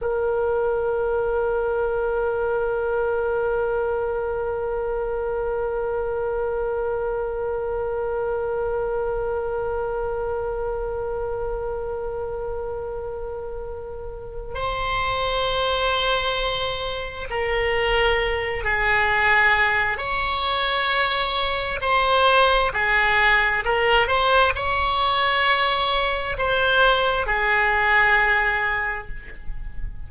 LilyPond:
\new Staff \with { instrumentName = "oboe" } { \time 4/4 \tempo 4 = 66 ais'1~ | ais'1~ | ais'1~ | ais'1 |
c''2. ais'4~ | ais'8 gis'4. cis''2 | c''4 gis'4 ais'8 c''8 cis''4~ | cis''4 c''4 gis'2 | }